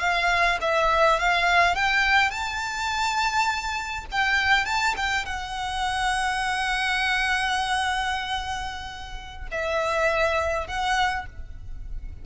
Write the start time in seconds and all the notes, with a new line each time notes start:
0.00 F5
0.61 E5
1.20 F5
1.75 G5
2.31 A5
4.11 G5
4.65 A5
4.96 G5
5.26 F#5
9.51 E5
10.68 F#5